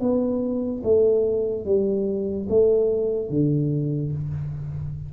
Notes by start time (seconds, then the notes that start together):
0.00 B3
0.84 A3
1.66 G3
2.50 A3
3.30 D3